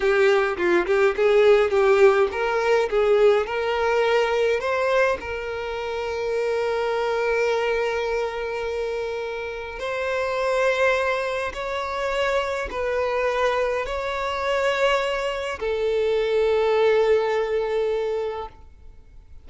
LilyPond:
\new Staff \with { instrumentName = "violin" } { \time 4/4 \tempo 4 = 104 g'4 f'8 g'8 gis'4 g'4 | ais'4 gis'4 ais'2 | c''4 ais'2.~ | ais'1~ |
ais'4 c''2. | cis''2 b'2 | cis''2. a'4~ | a'1 | }